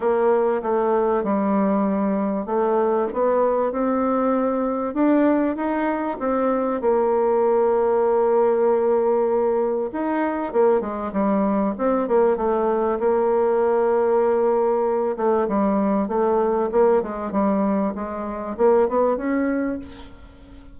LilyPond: \new Staff \with { instrumentName = "bassoon" } { \time 4/4 \tempo 4 = 97 ais4 a4 g2 | a4 b4 c'2 | d'4 dis'4 c'4 ais4~ | ais1 |
dis'4 ais8 gis8 g4 c'8 ais8 | a4 ais2.~ | ais8 a8 g4 a4 ais8 gis8 | g4 gis4 ais8 b8 cis'4 | }